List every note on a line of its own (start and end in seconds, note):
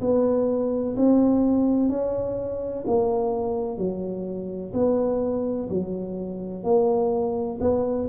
0.00 0.95 B3
0.96 1.89 C4
1.89 2.84 C#4
2.87 3.77 A#3
3.77 4.73 F#3
4.73 5.68 B3
5.69 6.63 F#3
6.63 7.58 A#3
7.60 8.07 B3